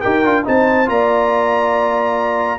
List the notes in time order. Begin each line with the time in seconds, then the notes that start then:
0.00 D#4 G4 A#4 G5
0.24 D4 F4
0.44 C4 D#4 C5 A5
0.85 A#3 F4 D5 A#5